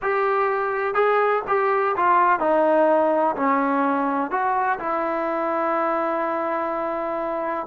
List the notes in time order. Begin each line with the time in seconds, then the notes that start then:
0.02 G4
0.94 G#4
1.47 G4
1.96 F4
2.39 D#4
3.36 C#4
4.30 F#4
4.79 E4